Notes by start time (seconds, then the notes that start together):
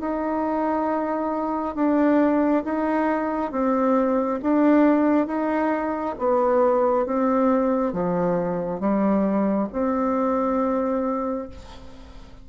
0.00 D#4
1.75 D4
2.64 D#4
3.51 C4
4.42 D4
5.27 D#4
6.18 B3
7.06 C4
7.93 F3
8.80 G3
9.72 C4